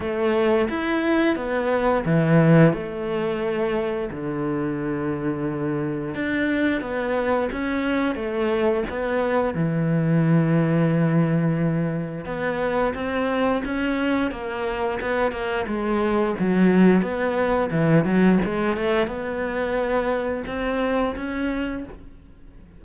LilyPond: \new Staff \with { instrumentName = "cello" } { \time 4/4 \tempo 4 = 88 a4 e'4 b4 e4 | a2 d2~ | d4 d'4 b4 cis'4 | a4 b4 e2~ |
e2 b4 c'4 | cis'4 ais4 b8 ais8 gis4 | fis4 b4 e8 fis8 gis8 a8 | b2 c'4 cis'4 | }